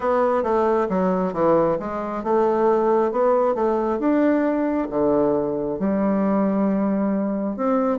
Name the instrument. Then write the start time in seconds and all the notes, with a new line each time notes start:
bassoon
0.00 B3
0.43 A3
0.89 F#3
1.33 E3
1.79 G#3
2.23 A3
3.11 B3
3.54 A3
3.99 D4
4.90 D3
5.79 G3
7.56 C4